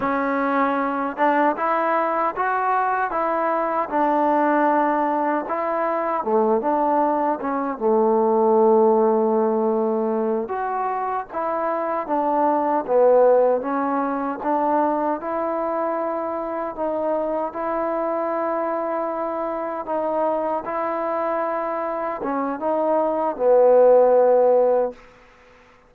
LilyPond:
\new Staff \with { instrumentName = "trombone" } { \time 4/4 \tempo 4 = 77 cis'4. d'8 e'4 fis'4 | e'4 d'2 e'4 | a8 d'4 cis'8 a2~ | a4. fis'4 e'4 d'8~ |
d'8 b4 cis'4 d'4 e'8~ | e'4. dis'4 e'4.~ | e'4. dis'4 e'4.~ | e'8 cis'8 dis'4 b2 | }